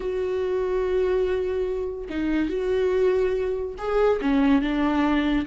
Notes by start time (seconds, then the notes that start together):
0.00 F#4
2.09 D#4
2.49 F#4
3.78 G#4
4.21 C#4
4.61 D4